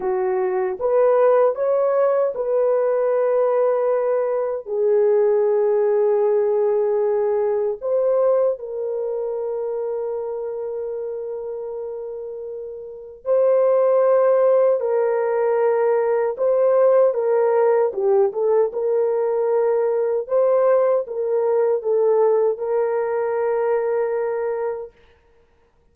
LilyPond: \new Staff \with { instrumentName = "horn" } { \time 4/4 \tempo 4 = 77 fis'4 b'4 cis''4 b'4~ | b'2 gis'2~ | gis'2 c''4 ais'4~ | ais'1~ |
ais'4 c''2 ais'4~ | ais'4 c''4 ais'4 g'8 a'8 | ais'2 c''4 ais'4 | a'4 ais'2. | }